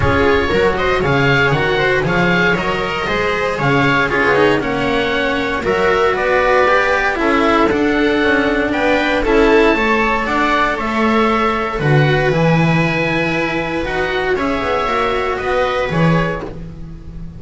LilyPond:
<<
  \new Staff \with { instrumentName = "oboe" } { \time 4/4 \tempo 4 = 117 cis''4. dis''8 f''4 fis''4 | f''4 dis''2 f''4 | cis''4 fis''2 e''4 | d''2 e''4 fis''4~ |
fis''4 g''4 a''2 | fis''4 e''2 fis''4 | gis''2. fis''4 | e''2 dis''4 cis''4 | }
  \new Staff \with { instrumentName = "viola" } { \time 4/4 gis'4 ais'8 c''8 cis''4. c''8 | cis''2 c''4 cis''4 | gis'4 cis''2 ais'4 | b'2 a'2~ |
a'4 b'4 a'4 cis''4 | d''4 cis''2 b'4~ | b'1 | cis''2 b'2 | }
  \new Staff \with { instrumentName = "cello" } { \time 4/4 f'4 fis'4 gis'4 fis'4 | gis'4 ais'4 gis'2 | f'8 dis'8 cis'2 fis'4~ | fis'4 g'4 e'4 d'4~ |
d'2 e'4 a'4~ | a'2. fis'4 | e'2. fis'4 | gis'4 fis'2 gis'4 | }
  \new Staff \with { instrumentName = "double bass" } { \time 4/4 cis'4 fis4 cis4 dis4 | f4 fis4 gis4 cis4 | cis'16 b8. ais2 fis4 | b2 cis'4 d'4 |
cis'4 b4 cis'4 a4 | d'4 a2 d4 | e2 e'4 dis'4 | cis'8 b8 ais4 b4 e4 | }
>>